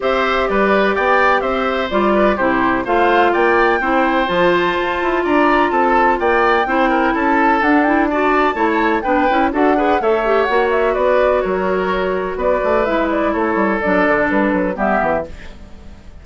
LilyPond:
<<
  \new Staff \with { instrumentName = "flute" } { \time 4/4 \tempo 4 = 126 e''4 d''4 g''4 e''4 | d''4 c''4 f''4 g''4~ | g''4 a''2 ais''4 | a''4 g''2 a''4 |
fis''8 g''8 a''2 g''4 | fis''4 e''4 fis''8 e''8 d''4 | cis''2 d''4 e''8 d''8 | cis''4 d''4 b'4 e''4 | }
  \new Staff \with { instrumentName = "oboe" } { \time 4/4 c''4 b'4 d''4 c''4~ | c''8 b'8 g'4 c''4 d''4 | c''2. d''4 | a'4 d''4 c''8 ais'8 a'4~ |
a'4 d''4 cis''4 b'4 | a'8 b'8 cis''2 b'4 | ais'2 b'2 | a'2. g'4 | }
  \new Staff \with { instrumentName = "clarinet" } { \time 4/4 g'1 | f'4 e'4 f'2 | e'4 f'2.~ | f'2 e'2 |
d'8 e'8 fis'4 e'4 d'8 e'8 | fis'8 gis'8 a'8 g'8 fis'2~ | fis'2. e'4~ | e'4 d'2 b4 | }
  \new Staff \with { instrumentName = "bassoon" } { \time 4/4 c'4 g4 b4 c'4 | g4 c4 a4 ais4 | c'4 f4 f'8 e'8 d'4 | c'4 ais4 c'4 cis'4 |
d'2 a4 b8 cis'8 | d'4 a4 ais4 b4 | fis2 b8 a8 gis4 | a8 g8 fis8 d8 g8 fis8 g8 e8 | }
>>